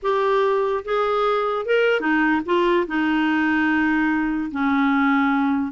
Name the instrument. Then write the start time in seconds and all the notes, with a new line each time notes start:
clarinet
0.02 G4
0.84 G#4
1.65 A#4
2.00 D#4
2.45 F4
2.87 D#4
4.51 C#4